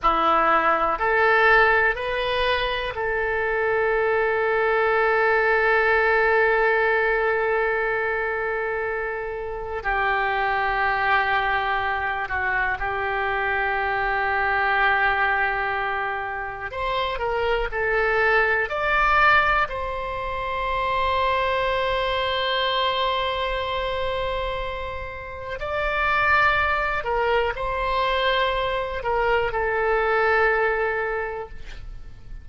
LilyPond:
\new Staff \with { instrumentName = "oboe" } { \time 4/4 \tempo 4 = 61 e'4 a'4 b'4 a'4~ | a'1~ | a'2 g'2~ | g'8 fis'8 g'2.~ |
g'4 c''8 ais'8 a'4 d''4 | c''1~ | c''2 d''4. ais'8 | c''4. ais'8 a'2 | }